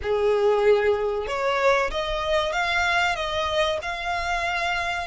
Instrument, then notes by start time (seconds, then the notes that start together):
violin
0.02 G#4
1.27 C#5
1.91 D#5
2.52 F5
3.16 D#5
3.82 F5